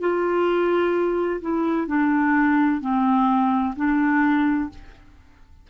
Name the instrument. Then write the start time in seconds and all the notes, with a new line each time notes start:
clarinet
0.00 F4
1.41 E4
1.87 D4
2.81 C4
3.76 D4